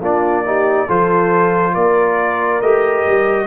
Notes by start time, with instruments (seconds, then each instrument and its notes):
0.00 tuba A#3, trombone D4, horn F4, trumpet D5
0.44 trombone D#4, horn G4
0.86 tuba F3, trombone F4, horn A4, trumpet C5
1.73 tuba A#3, horn A#4, trumpet D5
2.61 tuba A3, trombone G4, trumpet D#5
3.06 tuba G3